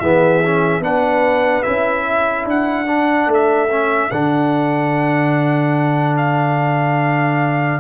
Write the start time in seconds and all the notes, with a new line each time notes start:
0.00 E3 B3 G#4 E5
0.45 C#4
0.80 B3 D4 B4 F#5
1.63 C#4 E4 E5
2.07 A4
2.46 D4 F#5
2.87 D4
3.27 A3
3.34 E5
3.70 C#4
4.11 D3 D4 F#5
6.17 F5